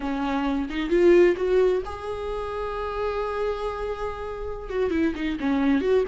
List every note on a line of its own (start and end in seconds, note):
0.00 0.68 C#4
0.69 0.89 D#4
0.89 1.35 F4
1.36 1.82 F#4
1.85 4.69 G#4
4.69 4.90 F#4
4.90 5.13 E4
5.15 5.38 D#4
5.39 5.81 C#4
5.81 6.04 F#4